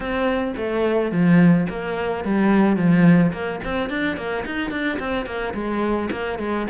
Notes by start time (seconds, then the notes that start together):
0.00 C4
0.56 A3
1.11 F3
1.69 A#3
2.24 G3
2.76 F3
3.32 A#3
3.63 C4
3.89 D4
4.16 A#3
4.45 D#4
4.70 D4
4.99 C4
5.26 A#3
5.54 G#3
6.11 A#3
6.38 G#3